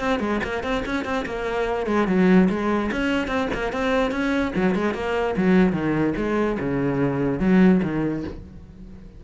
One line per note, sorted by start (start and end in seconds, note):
0.00 0.20 C4
0.20 0.41 G#3
0.44 0.63 A#3
0.63 0.84 C4
0.86 1.05 C#4
1.05 1.26 C4
1.26 1.87 A#3
1.87 2.07 G#3
2.08 2.49 F#3
2.50 2.91 G#3
2.92 3.28 C#4
3.28 3.48 C4
3.54 3.73 A#3
3.73 4.11 C4
4.11 4.52 C#4
4.56 4.75 F#3
4.75 4.94 G#3
4.94 5.36 A#3
5.37 5.73 F#3
5.73 6.14 D#3
6.17 6.58 G#3
6.60 7.40 C#3
7.40 7.81 F#3
7.83 8.24 D#3